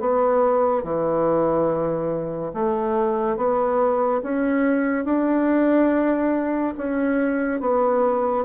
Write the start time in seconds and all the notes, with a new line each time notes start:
0.00 B3
0.83 E3
2.54 A3
3.36 B3
4.23 C#4
5.05 D4
6.78 C#4
7.61 B3